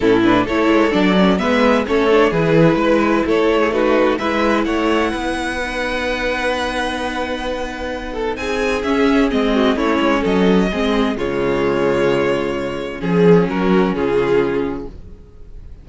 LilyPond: <<
  \new Staff \with { instrumentName = "violin" } { \time 4/4 \tempo 4 = 129 a'8 b'8 cis''4 d''4 e''4 | cis''4 b'2 cis''4 | b'4 e''4 fis''2~ | fis''1~ |
fis''2 gis''4 e''4 | dis''4 cis''4 dis''2 | cis''1 | gis'4 ais'4 gis'2 | }
  \new Staff \with { instrumentName = "violin" } { \time 4/4 e'4 a'2 b'4 | a'4 gis'4 b'4 a'8. gis'16 | fis'4 b'4 cis''4 b'4~ | b'1~ |
b'4. a'8 gis'2~ | gis'8 fis'8 e'4 a'4 gis'4 | f'1 | gis'4 fis'4 f'2 | }
  \new Staff \with { instrumentName = "viola" } { \time 4/4 cis'8 d'8 e'4 d'8 cis'8 b4 | cis'8 d'8 e'2. | dis'4 e'2. | dis'1~ |
dis'2. cis'4 | c'4 cis'2 c'4 | gis1 | cis'1 | }
  \new Staff \with { instrumentName = "cello" } { \time 4/4 a,4 a8 gis8 fis4 gis4 | a4 e4 gis4 a4~ | a4 gis4 a4 b4~ | b1~ |
b2 c'4 cis'4 | gis4 a8 gis8 fis4 gis4 | cis1 | f4 fis4 cis2 | }
>>